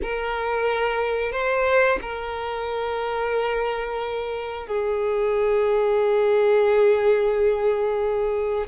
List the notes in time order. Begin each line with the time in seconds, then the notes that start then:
0.02 A#4
1.32 C5
2.01 A#4
4.67 G#4